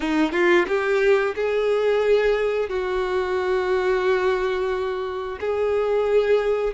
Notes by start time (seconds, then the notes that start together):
0.00 D#4
0.32 F4
0.67 G4
1.35 G#4
2.69 F#4
5.40 G#4